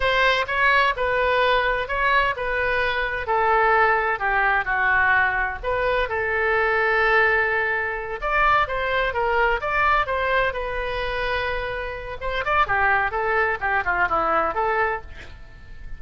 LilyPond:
\new Staff \with { instrumentName = "oboe" } { \time 4/4 \tempo 4 = 128 c''4 cis''4 b'2 | cis''4 b'2 a'4~ | a'4 g'4 fis'2 | b'4 a'2.~ |
a'4. d''4 c''4 ais'8~ | ais'8 d''4 c''4 b'4.~ | b'2 c''8 d''8 g'4 | a'4 g'8 f'8 e'4 a'4 | }